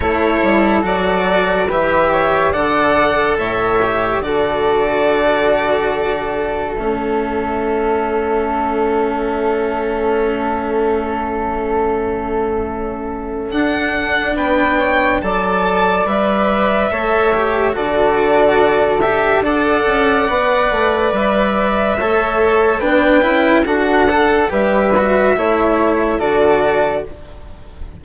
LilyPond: <<
  \new Staff \with { instrumentName = "violin" } { \time 4/4 \tempo 4 = 71 cis''4 d''4 e''4 fis''4 | e''4 d''2. | e''1~ | e''1 |
fis''4 g''4 a''4 e''4~ | e''4 d''4. e''8 fis''4~ | fis''4 e''2 g''4 | fis''4 e''2 d''4 | }
  \new Staff \with { instrumentName = "flute" } { \time 4/4 a'2 b'8 cis''8 d''4 | cis''4 a'2.~ | a'1~ | a'1~ |
a'4 b'8 cis''8 d''2 | cis''4 a'2 d''4~ | d''2 cis''4 b'4 | a'4 b'4 cis''4 a'4 | }
  \new Staff \with { instrumentName = "cello" } { \time 4/4 e'4 fis'4 g'4 a'4~ | a'8 g'8 fis'2. | cis'1~ | cis'1 |
d'2 a'4 b'4 | a'8 g'8 fis'4. g'8 a'4 | b'2 a'4 d'8 e'8 | fis'8 a'8 g'8 fis'8 e'4 fis'4 | }
  \new Staff \with { instrumentName = "bassoon" } { \time 4/4 a8 g8 fis4 e4 d4 | a,4 d2. | a1~ | a1 |
d'4 b4 fis4 g4 | a4 d2 d'8 cis'8 | b8 a8 g4 a4 b8 cis'8 | d'4 g4 a4 d4 | }
>>